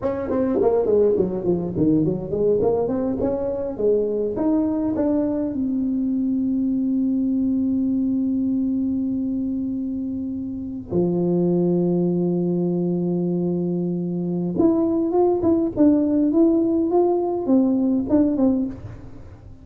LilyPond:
\new Staff \with { instrumentName = "tuba" } { \time 4/4 \tempo 4 = 103 cis'8 c'8 ais8 gis8 fis8 f8 dis8 fis8 | gis8 ais8 c'8 cis'4 gis4 dis'8~ | dis'8 d'4 c'2~ c'8~ | c'1~ |
c'2~ c'8. f4~ f16~ | f1~ | f4 e'4 f'8 e'8 d'4 | e'4 f'4 c'4 d'8 c'8 | }